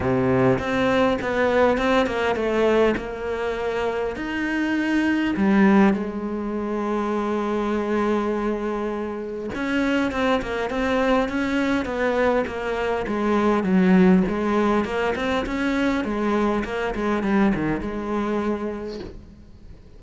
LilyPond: \new Staff \with { instrumentName = "cello" } { \time 4/4 \tempo 4 = 101 c4 c'4 b4 c'8 ais8 | a4 ais2 dis'4~ | dis'4 g4 gis2~ | gis1 |
cis'4 c'8 ais8 c'4 cis'4 | b4 ais4 gis4 fis4 | gis4 ais8 c'8 cis'4 gis4 | ais8 gis8 g8 dis8 gis2 | }